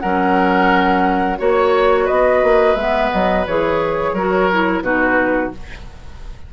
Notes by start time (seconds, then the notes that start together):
0.00 F#3 C#4 A#4 F#5
1.38 A#3 F#4 C#5
2.05 B3 B4 D#5
2.43 A#3
2.75 G#3 B3 E5
3.11 F#3 D#5
3.46 E3 G#4 C#5
4.13 F#3 F#4 A#4
4.52 E4
4.82 B2 D#4 F#4 B4